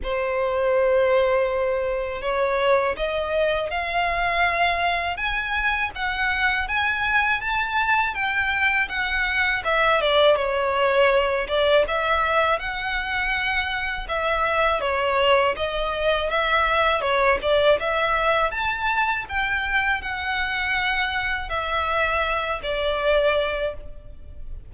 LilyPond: \new Staff \with { instrumentName = "violin" } { \time 4/4 \tempo 4 = 81 c''2. cis''4 | dis''4 f''2 gis''4 | fis''4 gis''4 a''4 g''4 | fis''4 e''8 d''8 cis''4. d''8 |
e''4 fis''2 e''4 | cis''4 dis''4 e''4 cis''8 d''8 | e''4 a''4 g''4 fis''4~ | fis''4 e''4. d''4. | }